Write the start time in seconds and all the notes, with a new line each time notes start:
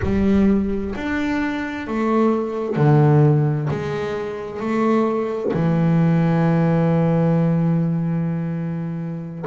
0.02 G3
0.95 D4
1.87 A3
2.76 D3
3.70 G#3
4.59 A3
5.53 E3